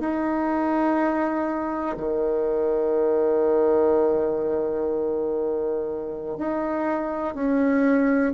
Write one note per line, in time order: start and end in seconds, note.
0.00 1.97 D#4
1.97 6.38 D#3
6.38 7.35 D#4
7.35 8.33 C#4